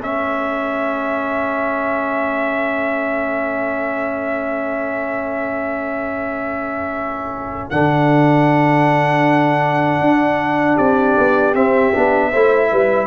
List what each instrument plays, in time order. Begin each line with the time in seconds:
0.00 tuba A3, trombone C#4, horn A4, trumpet E5
7.70 tuba D3, trombone D4, trumpet F#5
10.01 tuba D4
10.75 tuba C4, horn G4, trumpet D5
11.17 tuba B3
11.54 trombone C4, tuba C4, trumpet E5
11.93 tuba B3, trombone D4
12.31 tuba A3, trombone E4, horn C5
12.71 tuba G3, horn B4